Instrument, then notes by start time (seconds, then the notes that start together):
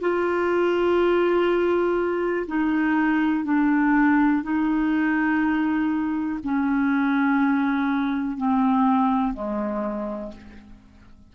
clarinet
0.00 F4
2.47 D#4
3.44 D4
4.43 D#4
6.43 C#4
8.37 C4
9.34 G#3